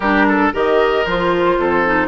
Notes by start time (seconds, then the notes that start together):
0.00 G3 D4 G4 A#4
0.28 A4
0.52 D#3 G4 A#4 D#5
1.05 F3 F4 C5
1.57 F2 A4
1.86 D#4